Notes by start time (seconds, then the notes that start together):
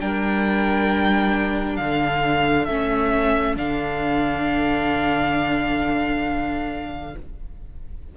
0.00 G3 D4 A#4 G5
1.77 D3 A4 F5
2.66 A3 C#4 E5
3.56 D3 D4 F5